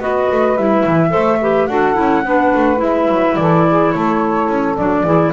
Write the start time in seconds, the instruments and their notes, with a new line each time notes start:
0.00 double bass B3, clarinet F#4, saxophone B4, flute D#5
0.32 double bass A3
0.56 double bass G3, clarinet E4, flute E5
0.86 double bass E3
1.10 double bass A3, clarinet A4, saxophone C5
1.41 clarinet G4, saxophone B4
1.67 double bass D4, clarinet F#4, saxophone A4, flute F#5
1.94 double bass C#4, clarinet E4
2.25 double bass B3, clarinet D4, saxophone B4
2.55 double bass A3
2.77 double bass G#3, clarinet E4, flute E5
3.08 double bass F#3
3.36 double bass E3, saxophone A4, flute D5
3.68 saxophone G#4
3.92 double bass A3, saxophone A4, flute C#5
4.49 double bass C#4
4.77 double bass F#3, clarinet D4, flute D5
5.04 double bass E3, clarinet E4, saxophone G#4